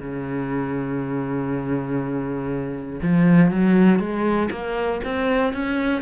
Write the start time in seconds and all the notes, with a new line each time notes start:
0.00 C#3
3.02 F3
3.51 F#3
3.99 G#3
4.51 A#3
5.04 C4
5.54 C#4